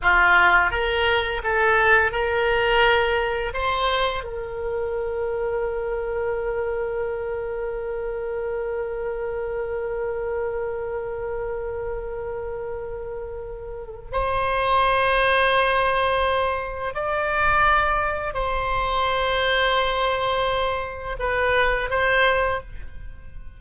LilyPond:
\new Staff \with { instrumentName = "oboe" } { \time 4/4 \tempo 4 = 85 f'4 ais'4 a'4 ais'4~ | ais'4 c''4 ais'2~ | ais'1~ | ais'1~ |
ais'1 | c''1 | d''2 c''2~ | c''2 b'4 c''4 | }